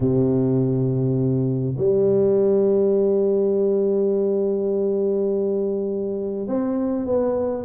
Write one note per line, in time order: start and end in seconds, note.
0.00 1.75 C3
1.77 6.47 G3
6.47 7.05 C4
7.05 7.64 B3